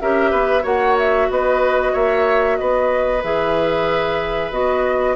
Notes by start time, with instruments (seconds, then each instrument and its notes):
0.00 bassoon C#4, clarinet G4, oboe A#4, flute E5
0.31 bassoon B3, oboe B4
0.62 bassoon A#3, clarinet F#4, oboe C#5, flute F#5
0.98 flute E5
1.30 bassoon B3, oboe B4, flute D#5
1.92 bassoon A#3, oboe C#5, flute E5
2.57 bassoon B3, oboe B4, flute D#5
3.23 bassoon E3, clarinet G#4, flute E5
4.51 bassoon B3, clarinet F#4, flute D#5